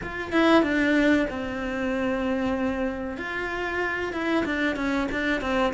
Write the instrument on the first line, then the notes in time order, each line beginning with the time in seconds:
cello
0.03 F4
0.32 E4
0.62 D4
1.29 C4
3.17 F4
4.12 E4
4.45 D4
4.76 C#4
5.11 D4
5.41 C4